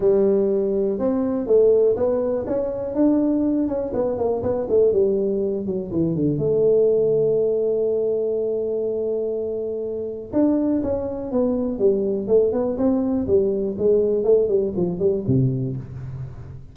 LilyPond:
\new Staff \with { instrumentName = "tuba" } { \time 4/4 \tempo 4 = 122 g2 c'4 a4 | b4 cis'4 d'4. cis'8 | b8 ais8 b8 a8 g4. fis8 | e8 d8 a2.~ |
a1~ | a4 d'4 cis'4 b4 | g4 a8 b8 c'4 g4 | gis4 a8 g8 f8 g8 c4 | }